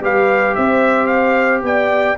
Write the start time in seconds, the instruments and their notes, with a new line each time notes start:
0.00 tuba G3, trombone G4, horn B4, trumpet F5
0.55 tuba C4, horn C5, trumpet E5
1.06 trumpet F5
1.62 tuba B3, horn D5, trumpet G5